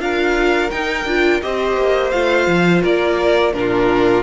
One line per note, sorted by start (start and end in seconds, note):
0.00 0.71 D4
0.00 0.71 F4
0.00 1.44 A#4
0.00 0.71 F5
0.71 1.07 D#4
0.71 1.05 D#4
0.71 1.42 G5
1.05 1.40 D4
1.05 1.43 F4
1.42 1.77 C4
1.42 2.13 G4
1.42 2.83 C5
1.42 2.11 D#5
1.77 2.12 A#3
2.11 2.47 A3
2.11 3.54 F4
2.11 2.82 F5
2.47 2.83 F3
2.83 3.54 A#3
2.83 3.54 A#4
2.83 3.54 D5
3.54 4.24 A#2
3.54 4.24 D4
3.54 4.24 F4
3.54 4.24 A#4